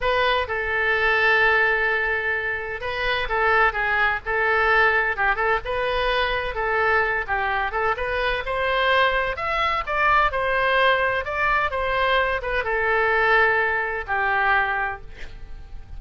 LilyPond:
\new Staff \with { instrumentName = "oboe" } { \time 4/4 \tempo 4 = 128 b'4 a'2.~ | a'2 b'4 a'4 | gis'4 a'2 g'8 a'8 | b'2 a'4. g'8~ |
g'8 a'8 b'4 c''2 | e''4 d''4 c''2 | d''4 c''4. b'8 a'4~ | a'2 g'2 | }